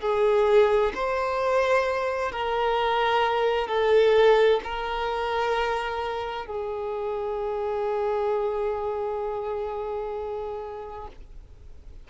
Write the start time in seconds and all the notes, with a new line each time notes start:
0.00 G#4
0.94 C5
2.32 A#4
3.68 A4
4.63 A#4
6.46 G#4